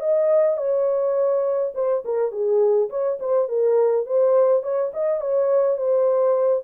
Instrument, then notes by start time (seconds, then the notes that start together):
horn
0.00 D#5
0.57 C#5
1.74 C5
2.04 A#4
2.32 G#4
2.89 C#5
3.20 C5
3.48 A#4
4.06 C5
4.63 C#5
4.93 D#5
5.20 C#5
5.77 C5